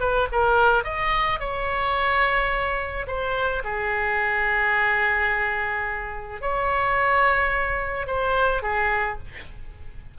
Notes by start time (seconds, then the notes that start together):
0.00 B4
0.32 A#4
0.84 D#5
1.40 C#5
3.07 C5
3.64 G#4
6.41 C#5
8.07 C5
8.63 G#4